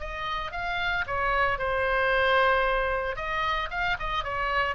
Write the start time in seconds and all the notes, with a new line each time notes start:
0.00 D#5
0.52 F5
1.07 C#5
1.59 C5
3.16 D#5
3.70 F5
3.99 D#5
4.24 C#5